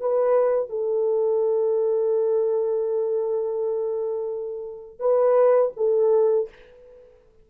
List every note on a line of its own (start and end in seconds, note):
0.00 0.69 B4
0.69 4.99 A4
4.99 5.71 B4
5.76 6.48 A4